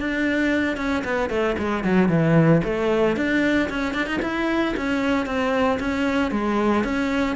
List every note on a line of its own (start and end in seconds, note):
0.00 0.77 D4
0.77 1.03 C#4
1.05 1.30 B3
1.30 1.56 A3
1.58 1.84 G#3
1.84 2.09 F#3
2.09 2.62 E3
2.64 3.17 A3
3.17 3.69 D4
3.70 3.94 C#4
3.94 4.06 D4
4.06 4.20 D#4
4.22 4.75 E4
4.77 5.26 C#4
5.26 5.79 C4
5.80 6.32 C#4
6.32 6.84 G#3
6.84 7.36 C#4